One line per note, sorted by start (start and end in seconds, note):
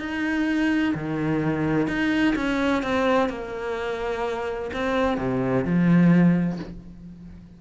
0.00 0.94 D#4
0.95 1.88 D#3
1.88 2.35 D#4
2.36 2.83 C#4
2.83 3.30 C4
3.30 4.71 A#3
4.74 5.18 C4
5.18 5.65 C3
5.65 6.59 F3